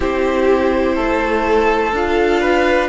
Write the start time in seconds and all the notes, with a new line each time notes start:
0.00 C4 E4 G4 C5
0.95 A3 A4
1.92 D4 F4 F5
2.40 B4